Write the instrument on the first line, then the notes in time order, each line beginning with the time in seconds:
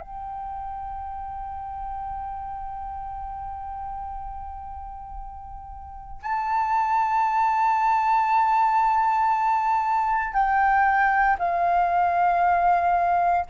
flute
0.00 G5
6.22 A5
10.33 G5
11.38 F5